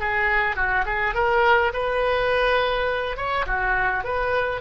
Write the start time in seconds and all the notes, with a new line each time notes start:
0.00 G#4
0.56 F#4
0.85 G#4
1.15 A#4
1.73 B4
3.17 C#5
3.46 F#4
4.04 B4